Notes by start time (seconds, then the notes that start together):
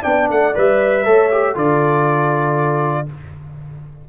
0.00 B3 D4 D5 G5
0.30 A3 F#5
0.55 G3 B4 E5
1.04 A3 A4 C#5
1.31 G4
1.54 D3 F4 A4 D5